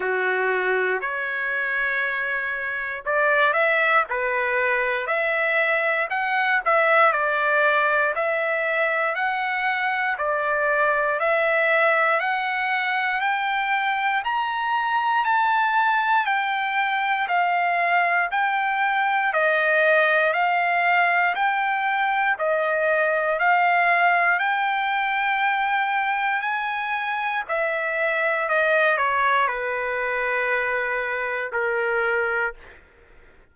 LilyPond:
\new Staff \with { instrumentName = "trumpet" } { \time 4/4 \tempo 4 = 59 fis'4 cis''2 d''8 e''8 | b'4 e''4 fis''8 e''8 d''4 | e''4 fis''4 d''4 e''4 | fis''4 g''4 ais''4 a''4 |
g''4 f''4 g''4 dis''4 | f''4 g''4 dis''4 f''4 | g''2 gis''4 e''4 | dis''8 cis''8 b'2 ais'4 | }